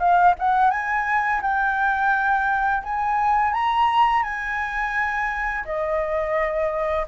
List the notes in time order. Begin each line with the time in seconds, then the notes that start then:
0.00 F5
0.40 F#5
0.71 G#5
1.42 G5
2.84 G#5
3.54 A#5
4.24 G#5
5.66 D#5